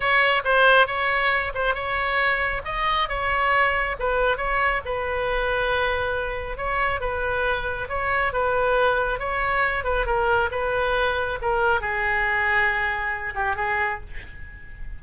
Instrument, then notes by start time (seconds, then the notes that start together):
oboe
0.00 C#5
0.44 C5
0.86 C#5
1.54 C5
1.74 C#5
2.65 D#5
3.08 C#5
3.99 B4
4.37 C#5
4.85 B4
6.57 C#5
7.00 B4
7.89 C#5
8.32 B4
9.19 C#5
9.84 B4
10.06 A#4
10.51 B4
11.41 A#4
11.80 G#4
13.35 G4
13.56 G#4